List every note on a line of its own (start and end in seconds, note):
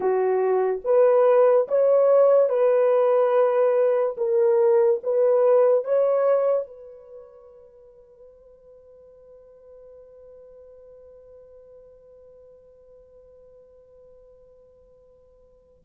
0.00 0.81 F#4
0.84 1.67 B4
1.68 2.49 C#5
2.49 4.16 B4
4.17 5.00 A#4
5.03 5.84 B4
5.84 6.67 C#5
6.67 15.83 B4